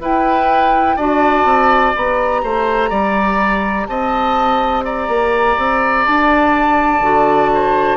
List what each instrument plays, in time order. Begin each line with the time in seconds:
0.00 bassoon E4, clarinet E4, oboe B4, flute G5
0.96 bassoon D4, clarinet F#4, oboe D5, flute A5
1.45 bassoon C4
1.95 bassoon B3, clarinet G4, flute A#5
2.43 bassoon A3, oboe C5
2.90 bassoon G3, oboe D5
3.86 bassoon C4, oboe D#5, flute A5
4.84 oboe D5, flute A#5
5.08 bassoon A#3
5.57 bassoon C4
6.06 bassoon D4, flute A5
7.01 bassoon D3, clarinet F#4
7.54 oboe C5